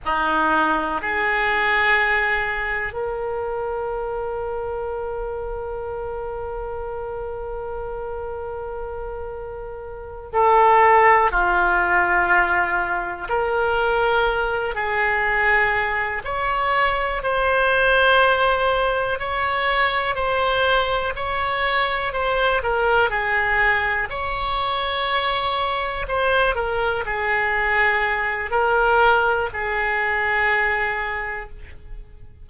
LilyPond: \new Staff \with { instrumentName = "oboe" } { \time 4/4 \tempo 4 = 61 dis'4 gis'2 ais'4~ | ais'1~ | ais'2~ ais'8 a'4 f'8~ | f'4. ais'4. gis'4~ |
gis'8 cis''4 c''2 cis''8~ | cis''8 c''4 cis''4 c''8 ais'8 gis'8~ | gis'8 cis''2 c''8 ais'8 gis'8~ | gis'4 ais'4 gis'2 | }